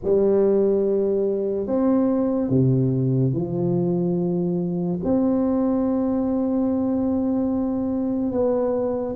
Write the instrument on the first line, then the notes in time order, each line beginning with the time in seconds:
tuba
0.03 G3
1.67 C4
2.49 C3
3.32 F3
5.03 C4
8.31 B3